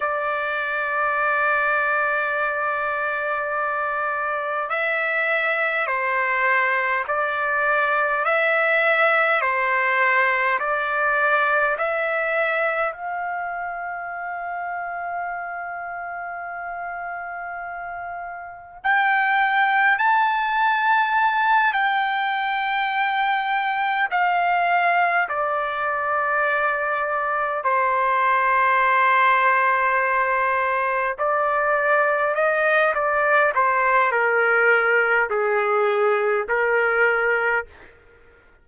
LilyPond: \new Staff \with { instrumentName = "trumpet" } { \time 4/4 \tempo 4 = 51 d''1 | e''4 c''4 d''4 e''4 | c''4 d''4 e''4 f''4~ | f''1 |
g''4 a''4. g''4.~ | g''8 f''4 d''2 c''8~ | c''2~ c''8 d''4 dis''8 | d''8 c''8 ais'4 gis'4 ais'4 | }